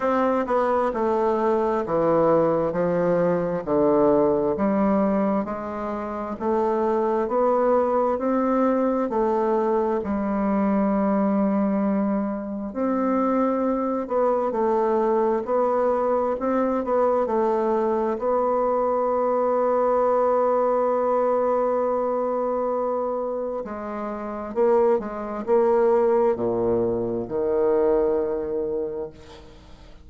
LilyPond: \new Staff \with { instrumentName = "bassoon" } { \time 4/4 \tempo 4 = 66 c'8 b8 a4 e4 f4 | d4 g4 gis4 a4 | b4 c'4 a4 g4~ | g2 c'4. b8 |
a4 b4 c'8 b8 a4 | b1~ | b2 gis4 ais8 gis8 | ais4 ais,4 dis2 | }